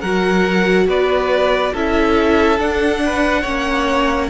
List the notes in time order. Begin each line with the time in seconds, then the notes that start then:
0.00 F#3 F#4 A#4 F#5
0.86 B3 B4 D5
1.72 C#4 E4 A4 E5
2.59 D4 F#5
3.05 B4
3.41 A#3 C#4 C#5